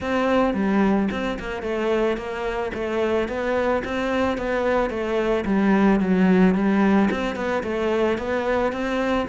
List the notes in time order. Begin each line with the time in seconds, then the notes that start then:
0.00 C4
0.54 G3
1.11 C4
1.39 A#3
1.62 A3
2.17 A#3
2.73 A3
3.28 B3
3.84 C4
4.37 B3
4.89 A3
5.45 G3
6.00 F#3
6.54 G3
7.10 C4
7.35 B3
7.63 A3
8.18 B3
8.72 C4